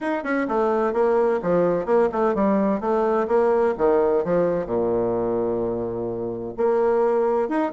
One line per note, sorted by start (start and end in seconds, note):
0.01 0.23 D#4
0.23 0.47 C#4
0.48 0.93 A3
0.93 1.40 A#3
1.42 1.85 F3
1.85 2.09 A#3
2.12 2.35 A3
2.35 2.80 G3
2.80 3.27 A3
3.27 3.74 A#3
3.77 4.24 D#3
4.24 4.65 F3
4.65 6.53 A#2
6.57 7.48 A#3
7.48 7.72 D#4